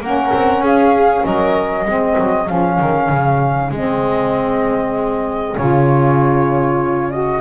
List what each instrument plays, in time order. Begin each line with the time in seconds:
0.00 double bass A#3, saxophone C#4, violin A#4, flute F#5
0.34 double bass C4
0.59 double bass C#4, violin G#4, flute F5
1.25 double bass F#3, violin A#4, flute D#5
1.85 double bass G#3, saxophone C4, violin G#4
2.18 double bass F#3
2.46 double bass F3, saxophone C#4, flute F5
2.80 double bass D#3
3.09 double bass C#3
3.70 double bass G#3, saxophone C4, flute D#5
5.56 double bass C#3, saxophone F4, flute C#5
7.11 saxophone F#4, flute D#5